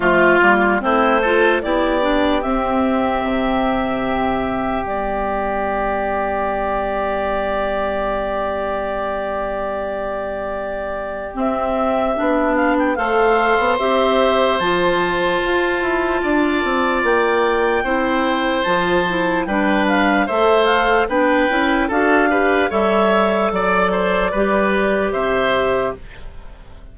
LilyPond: <<
  \new Staff \with { instrumentName = "clarinet" } { \time 4/4 \tempo 4 = 74 f'4 c''4 d''4 e''4~ | e''2 d''2~ | d''1~ | d''2 e''4. f''16 g''16 |
f''4 e''4 a''2~ | a''4 g''2 a''4 | g''8 f''8 e''8 f''8 g''4 f''4 | e''4 d''2 e''4 | }
  \new Staff \with { instrumentName = "oboe" } { \time 4/4 f'4 e'8 a'8 g'2~ | g'1~ | g'1~ | g'1 |
c''1 | d''2 c''2 | b'4 c''4 b'4 a'8 b'8 | cis''4 d''8 c''8 b'4 c''4 | }
  \new Staff \with { instrumentName = "clarinet" } { \time 4/4 a8 ais8 c'8 f'8 e'8 d'8 c'4~ | c'2 b2~ | b1~ | b2 c'4 d'4 |
a'4 g'4 f'2~ | f'2 e'4 f'8 e'8 | d'4 a'4 d'8 e'8 fis'8 g'8 | a'2 g'2 | }
  \new Staff \with { instrumentName = "bassoon" } { \time 4/4 f8 g8 a4 b4 c'4 | c2 g2~ | g1~ | g2 c'4 b4 |
a8. b16 c'4 f4 f'8 e'8 | d'8 c'8 ais4 c'4 f4 | g4 a4 b8 cis'8 d'4 | g4 fis4 g4 c4 | }
>>